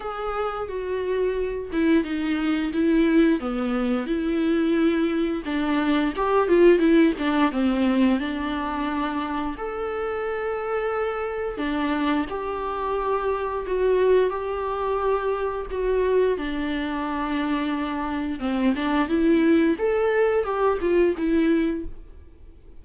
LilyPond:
\new Staff \with { instrumentName = "viola" } { \time 4/4 \tempo 4 = 88 gis'4 fis'4. e'8 dis'4 | e'4 b4 e'2 | d'4 g'8 f'8 e'8 d'8 c'4 | d'2 a'2~ |
a'4 d'4 g'2 | fis'4 g'2 fis'4 | d'2. c'8 d'8 | e'4 a'4 g'8 f'8 e'4 | }